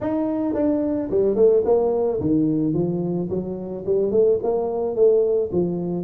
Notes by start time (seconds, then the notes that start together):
0.00 D#4
0.54 D4
1.10 G3
1.35 A3
1.64 A#3
2.20 D#3
2.73 F3
3.29 F#3
3.85 G3
4.11 A3
4.42 A#3
4.95 A3
5.52 F3